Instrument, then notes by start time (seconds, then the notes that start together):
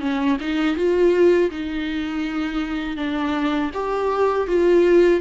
viola
0.00 C#4
0.40 D#4
0.76 F4
1.50 D#4
2.96 D4
3.74 G4
4.47 F4